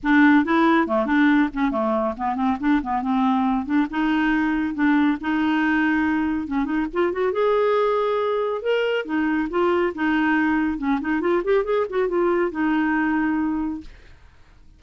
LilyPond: \new Staff \with { instrumentName = "clarinet" } { \time 4/4 \tempo 4 = 139 d'4 e'4 a8 d'4 cis'8 | a4 b8 c'8 d'8 b8 c'4~ | c'8 d'8 dis'2 d'4 | dis'2. cis'8 dis'8 |
f'8 fis'8 gis'2. | ais'4 dis'4 f'4 dis'4~ | dis'4 cis'8 dis'8 f'8 g'8 gis'8 fis'8 | f'4 dis'2. | }